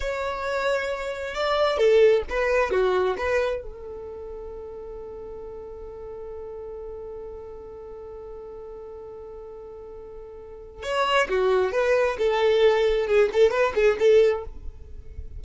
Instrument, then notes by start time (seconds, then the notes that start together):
violin
0.00 C#5
1.34 D5
1.77 A4
2.29 B4
2.71 F#4
3.17 B4
3.62 A4
10.82 C#5
11.29 F#4
11.72 B4
12.18 A4
13.07 G#4
13.32 A4
13.51 B4
13.75 G#4
13.99 A4